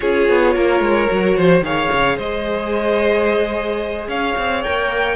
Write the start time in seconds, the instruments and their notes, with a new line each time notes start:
0.00 cello C#4, viola F4, violin G#4 C#5
0.29 cello B3
0.55 cello A#3, violin A#4
0.79 cello G#3
1.08 cello F#3, viola F#4
1.36 cello F3, violin C5
1.60 cello D#3, viola G#4, violin C#5 F5
1.92 cello C#3
2.17 cello G#3, violin C5 D#5
4.07 cello C#4, violin C#5 F5
4.37 cello C4
4.63 cello A#3, viola A#4, violin G5